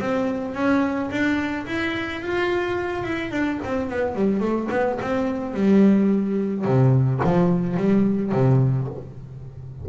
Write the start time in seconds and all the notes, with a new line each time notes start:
0.00 C4
0.55 C#4
1.11 D4
1.67 E4
2.22 F4
3.04 E4
3.31 D4
3.64 C4
3.90 B3
4.15 G3
4.41 A3
4.71 B3
5.01 C4
5.54 G3
6.65 C3
7.24 F3
7.77 G3
8.32 C3